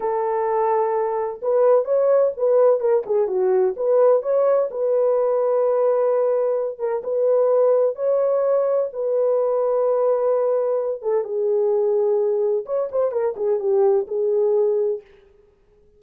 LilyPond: \new Staff \with { instrumentName = "horn" } { \time 4/4 \tempo 4 = 128 a'2. b'4 | cis''4 b'4 ais'8 gis'8 fis'4 | b'4 cis''4 b'2~ | b'2~ b'8 ais'8 b'4~ |
b'4 cis''2 b'4~ | b'2.~ b'8 a'8 | gis'2. cis''8 c''8 | ais'8 gis'8 g'4 gis'2 | }